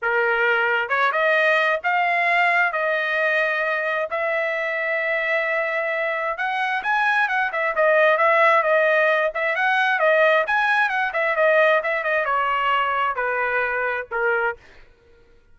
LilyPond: \new Staff \with { instrumentName = "trumpet" } { \time 4/4 \tempo 4 = 132 ais'2 cis''8 dis''4. | f''2 dis''2~ | dis''4 e''2.~ | e''2 fis''4 gis''4 |
fis''8 e''8 dis''4 e''4 dis''4~ | dis''8 e''8 fis''4 dis''4 gis''4 | fis''8 e''8 dis''4 e''8 dis''8 cis''4~ | cis''4 b'2 ais'4 | }